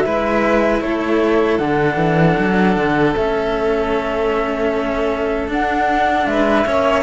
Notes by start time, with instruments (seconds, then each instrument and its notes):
0.00 cello G#3 E4, violin B4, flute E5
0.81 cello A3, violin A4, flute C#5
1.58 cello D3 D4, flute F#5
1.96 cello E3
2.39 cello F#3
2.77 cello D3
3.15 cello A3 C#4, flute E5
5.48 cello D4, flute F#5
6.26 cello G#3, violin B4, flute E5
6.66 cello A#3 C#4, violin C#5